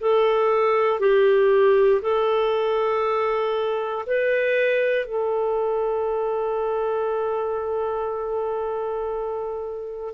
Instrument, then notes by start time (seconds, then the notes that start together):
clarinet
0.00 A4
1.00 G4
2.02 A4
4.06 B4
5.05 A4